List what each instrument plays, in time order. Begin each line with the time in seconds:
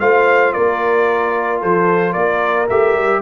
0.00 tuba A3, trombone F4, horn C5, trumpet F5
0.53 tuba A#3, horn A#4, trumpet D5
1.60 tuba F3, horn A4, trumpet C5
2.13 tuba A#3, horn A#4, trumpet D5
2.69 tuba A3, trombone G4, trumpet E5
2.94 tuba G3